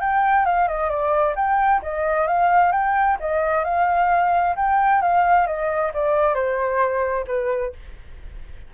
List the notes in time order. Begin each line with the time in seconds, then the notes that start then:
0.00 G5
0.45 F5
0.68 D#5
0.89 D5
1.35 G5
1.82 D#5
2.27 F5
2.72 G5
3.20 D#5
3.64 F5
4.56 G5
5.01 F5
5.46 D#5
5.93 D5
6.34 C5
7.27 B4